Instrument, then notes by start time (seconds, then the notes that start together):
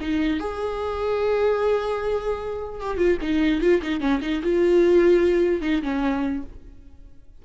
viola
0.00 D#4
0.39 G#4
2.80 G4
2.97 F4
3.21 D#4
3.61 F4
3.82 D#4
4.00 C#4
4.21 D#4
4.42 F4
5.61 D#4
5.82 C#4